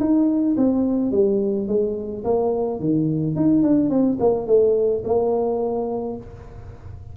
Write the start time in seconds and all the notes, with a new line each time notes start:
0.00 D#4
0.57 C4
1.12 G3
1.68 G#3
2.24 A#3
2.80 D#3
3.36 D#4
3.63 D4
3.90 C4
4.20 A#3
4.47 A3
5.05 A#3